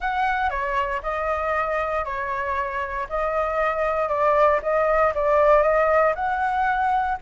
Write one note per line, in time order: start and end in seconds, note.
0.00 0.50 F#5
0.50 1.01 C#5
1.02 2.04 D#5
2.04 3.07 C#5
3.09 4.08 D#5
4.08 4.59 D5
4.62 5.13 D#5
5.14 5.62 D5
5.62 6.13 D#5
6.15 7.17 F#5